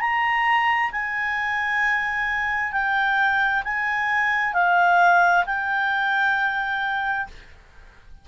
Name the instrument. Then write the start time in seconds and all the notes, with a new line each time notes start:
clarinet
0.00 A#5
0.92 G#5
2.72 G5
3.64 G#5
4.54 F5
5.45 G5